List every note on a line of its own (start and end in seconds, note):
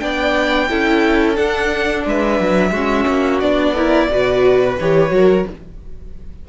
0.00 0.71 B3
0.00 0.68 D4
0.00 0.69 D5
0.00 1.36 G5
0.69 1.39 C#4
0.69 1.36 E4
0.69 2.06 A4
1.36 2.72 D4
1.36 2.06 D4
1.36 2.05 F#5
2.06 2.40 G#3
2.06 2.72 B4
2.06 3.40 E5
2.40 2.71 F#3
2.71 3.05 G#3
2.71 3.42 C#4
2.71 3.74 F#4
3.08 3.42 A#3
3.40 4.10 B3
3.40 3.76 D4
3.40 4.77 D5
3.74 4.10 E4
3.74 4.08 A#4
4.11 4.79 B2
4.11 4.80 F#4
4.11 5.15 B4
4.80 5.11 E3
4.80 5.10 G4
4.80 5.48 C#5
5.10 5.45 F#3
5.10 5.44 F#4
5.10 5.49 A#4